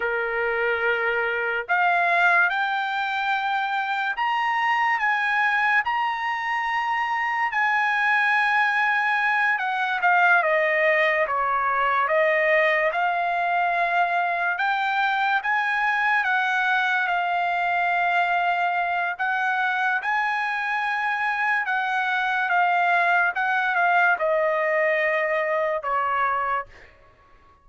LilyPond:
\new Staff \with { instrumentName = "trumpet" } { \time 4/4 \tempo 4 = 72 ais'2 f''4 g''4~ | g''4 ais''4 gis''4 ais''4~ | ais''4 gis''2~ gis''8 fis''8 | f''8 dis''4 cis''4 dis''4 f''8~ |
f''4. g''4 gis''4 fis''8~ | fis''8 f''2~ f''8 fis''4 | gis''2 fis''4 f''4 | fis''8 f''8 dis''2 cis''4 | }